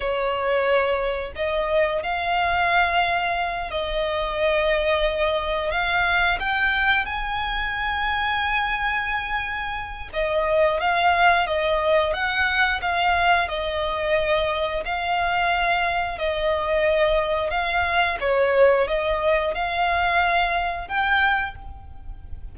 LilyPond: \new Staff \with { instrumentName = "violin" } { \time 4/4 \tempo 4 = 89 cis''2 dis''4 f''4~ | f''4. dis''2~ dis''8~ | dis''8 f''4 g''4 gis''4.~ | gis''2. dis''4 |
f''4 dis''4 fis''4 f''4 | dis''2 f''2 | dis''2 f''4 cis''4 | dis''4 f''2 g''4 | }